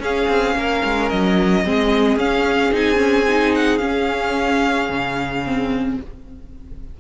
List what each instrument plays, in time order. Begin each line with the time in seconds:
0.00 cello C#4, viola C#4, violin G#4 F5
0.28 cello C4
0.55 cello A#3, violin A#4
0.85 cello G#3
1.10 cello F#3, violin D#5
1.64 cello G#3, viola C4, violin G#4
2.17 cello C#4, viola C#4, violin F5
2.73 cello C4, viola D#4, violin G#5
2.97 viola C#4
3.28 viola D#4
3.55 violin F#5
3.78 viola C#4, cello C#4, violin F5
4.89 cello C#3
5.46 viola C4